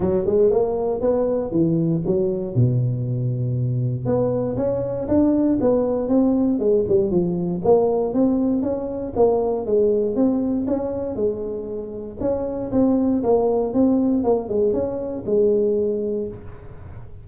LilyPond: \new Staff \with { instrumentName = "tuba" } { \time 4/4 \tempo 4 = 118 fis8 gis8 ais4 b4 e4 | fis4 b,2. | b4 cis'4 d'4 b4 | c'4 gis8 g8 f4 ais4 |
c'4 cis'4 ais4 gis4 | c'4 cis'4 gis2 | cis'4 c'4 ais4 c'4 | ais8 gis8 cis'4 gis2 | }